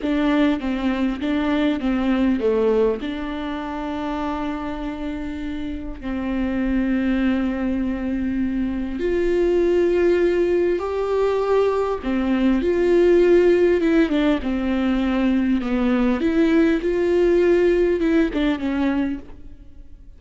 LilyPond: \new Staff \with { instrumentName = "viola" } { \time 4/4 \tempo 4 = 100 d'4 c'4 d'4 c'4 | a4 d'2.~ | d'2 c'2~ | c'2. f'4~ |
f'2 g'2 | c'4 f'2 e'8 d'8 | c'2 b4 e'4 | f'2 e'8 d'8 cis'4 | }